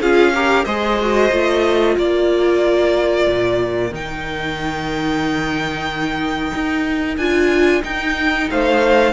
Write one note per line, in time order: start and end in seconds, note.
0.00 0.65 C#4
0.00 0.34 F4
0.00 0.33 G#4
0.00 0.65 F5
0.35 0.67 G4
0.35 0.65 A#4
0.65 1.31 G#3
0.65 0.99 G#4
0.65 1.96 C5
0.65 1.95 D#5
1.01 1.32 F#4
1.32 1.97 A3
1.32 3.92 F4
1.96 3.27 A#3
1.96 8.48 A#4
1.96 3.94 D5
3.27 3.91 A#2
3.91 6.52 D#3
3.91 7.19 D#4
3.91 7.17 G5
6.54 7.17 D#4
7.17 7.82 D4
7.17 7.82 F4
7.17 7.82 G#5
7.82 9.13 D#4
7.82 8.50 D#4
7.82 8.49 G5
8.51 9.13 A3
8.51 9.13 C5
8.51 9.13 F5